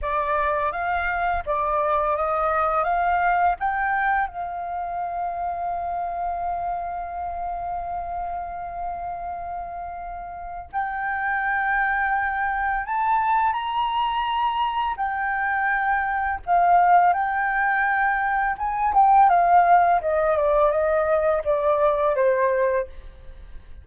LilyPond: \new Staff \with { instrumentName = "flute" } { \time 4/4 \tempo 4 = 84 d''4 f''4 d''4 dis''4 | f''4 g''4 f''2~ | f''1~ | f''2. g''4~ |
g''2 a''4 ais''4~ | ais''4 g''2 f''4 | g''2 gis''8 g''8 f''4 | dis''8 d''8 dis''4 d''4 c''4 | }